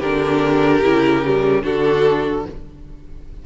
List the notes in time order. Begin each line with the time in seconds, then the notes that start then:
0.00 D3 D4 G4 A#4
0.82 C#3 E4
1.27 G3
1.62 D3 D4 F#4 A4